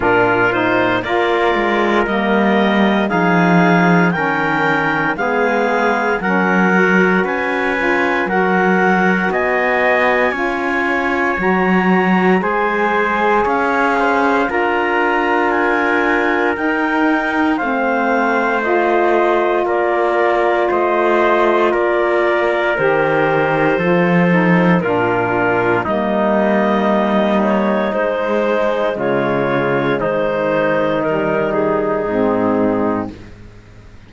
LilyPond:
<<
  \new Staff \with { instrumentName = "clarinet" } { \time 4/4 \tempo 4 = 58 ais'8 c''8 d''4 dis''4 f''4 | g''4 f''4 fis''4 gis''4 | fis''4 gis''2 ais''4 | gis''4 f''4 ais''4 gis''4 |
g''4 f''4 dis''4 d''4 | dis''4 d''4 c''2 | ais'4 dis''4. cis''8 c''4 | cis''4 c''4 ais'8 gis'4. | }
  \new Staff \with { instrumentName = "trumpet" } { \time 4/4 f'4 ais'2 gis'4 | ais'4 gis'4 ais'4 b'4 | ais'4 dis''4 cis''2 | c''4 cis''8 c''8 ais'2~ |
ais'4 c''2 ais'4 | c''4 ais'2 a'4 | f'4 dis'2. | f'4 dis'2. | }
  \new Staff \with { instrumentName = "saxophone" } { \time 4/4 d'8 dis'8 f'4 ais4 dis'4 | cis'4 b4 cis'8 fis'4 f'8 | fis'2 f'4 fis'4 | gis'2 f'2 |
dis'4 c'4 f'2~ | f'2 g'4 f'8 dis'8 | d'4 ais2 gis4~ | gis2 g4 c'4 | }
  \new Staff \with { instrumentName = "cello" } { \time 4/4 ais,4 ais8 gis8 g4 f4 | dis4 gis4 fis4 cis'4 | fis4 b4 cis'4 fis4 | gis4 cis'4 d'2 |
dis'4 a2 ais4 | a4 ais4 dis4 f4 | ais,4 g2 gis4 | cis4 dis2 gis,4 | }
>>